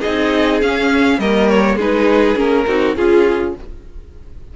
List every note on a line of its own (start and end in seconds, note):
0.00 0.61 D#4
0.00 1.18 G#4
0.00 0.60 D#5
0.06 0.61 C4
0.61 1.18 C#4
0.61 1.20 C#4
0.61 1.19 F5
1.18 1.76 G3
1.18 1.79 A#3
1.18 1.76 A#4
1.18 1.48 D#5
1.48 1.78 C#5
1.76 2.35 G#3
1.76 2.35 D#4
1.76 2.64 G#4
1.76 2.38 B4
2.35 2.65 A#3
2.35 2.65 C#4
2.35 2.95 A#4
2.67 2.96 C4
2.67 2.96 D#4
2.67 2.96 F#4
2.95 3.55 C#4
2.95 3.55 F4
2.95 3.56 F4
2.95 3.54 G#4